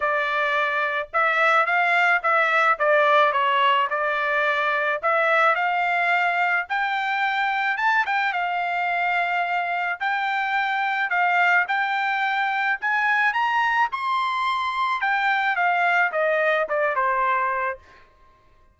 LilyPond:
\new Staff \with { instrumentName = "trumpet" } { \time 4/4 \tempo 4 = 108 d''2 e''4 f''4 | e''4 d''4 cis''4 d''4~ | d''4 e''4 f''2 | g''2 a''8 g''8 f''4~ |
f''2 g''2 | f''4 g''2 gis''4 | ais''4 c'''2 g''4 | f''4 dis''4 d''8 c''4. | }